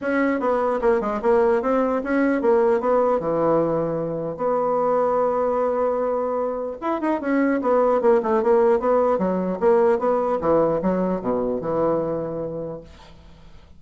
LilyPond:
\new Staff \with { instrumentName = "bassoon" } { \time 4/4 \tempo 4 = 150 cis'4 b4 ais8 gis8 ais4 | c'4 cis'4 ais4 b4 | e2. b4~ | b1~ |
b4 e'8 dis'8 cis'4 b4 | ais8 a8 ais4 b4 fis4 | ais4 b4 e4 fis4 | b,4 e2. | }